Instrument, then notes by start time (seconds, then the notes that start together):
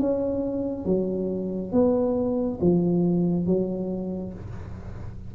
tuba
0.00 C#4
0.85 F#3
1.72 B3
2.61 F3
3.46 F#3